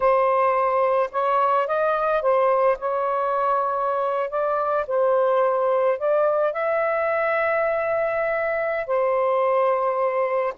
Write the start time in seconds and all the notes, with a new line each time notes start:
0.00 C5
1.11 C#5
1.67 D#5
2.21 C5
2.78 C#5
4.30 D5
4.87 C5
5.98 D5
6.52 E5
8.86 C5